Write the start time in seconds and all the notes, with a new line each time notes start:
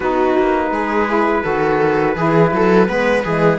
0.00 B3 D#4 F#4 B4
0.38 A#3
0.70 G#3 G#4
1.08 E4
1.42 D#3 F#4 A4
2.16 E3 E4 G#4
2.52 F#3 A4
2.86 G#3 B3 B4
3.23 E3 G#3 G#4